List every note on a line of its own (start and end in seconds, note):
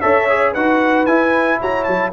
0.00 0.56 C#4
0.00 0.28 A4
0.00 0.52 C#5
0.00 0.53 E5
0.29 0.55 G#4
0.52 1.06 D#4
0.52 1.07 F#4
0.52 1.58 B4
0.52 1.06 F#5
1.06 1.59 E4
1.06 2.12 E4
1.06 1.59 G#5
1.60 1.87 F#4
1.60 2.12 C#5
1.60 1.84 A#5
1.84 2.12 F#3
1.84 2.10 A5